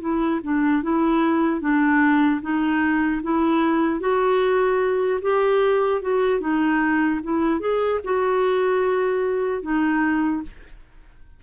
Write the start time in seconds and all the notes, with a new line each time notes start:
0.00 E4
0.43 D4
0.83 E4
1.61 D4
2.41 D#4
3.23 E4
4.00 F#4
5.21 G4
6.01 F#4
6.40 D#4
7.23 E4
7.60 G#4
8.04 F#4
9.62 D#4